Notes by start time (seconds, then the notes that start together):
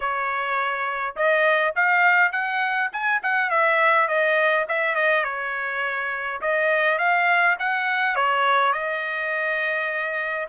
0.00 C#5
1.16 D#5
1.75 F5
2.32 F#5
2.92 G#5
3.22 F#5
3.50 E5
4.08 D#5
4.68 E5
4.95 D#5
5.24 C#5
6.41 D#5
6.98 F5
7.59 F#5
8.15 C#5
8.72 D#5